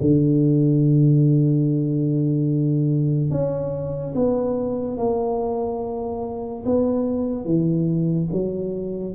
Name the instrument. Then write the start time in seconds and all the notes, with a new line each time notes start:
tuba
0.00 D3
3.30 C#4
4.15 B3
4.97 A#3
6.65 B3
7.45 E3
8.32 F#3